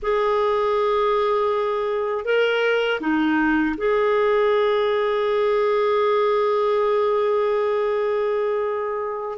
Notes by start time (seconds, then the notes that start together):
0.02 G#4
2.25 A#4
3.00 D#4
3.77 G#4